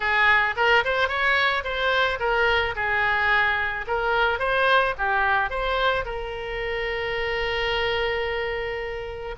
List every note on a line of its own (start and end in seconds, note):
0.00 0.55 G#4
0.56 0.84 A#4
0.84 1.08 C5
1.08 1.63 C#5
1.63 2.18 C5
2.19 2.74 A#4
2.75 3.85 G#4
3.87 4.39 A#4
4.39 4.94 C5
4.98 5.49 G4
5.49 6.05 C5
6.05 9.35 A#4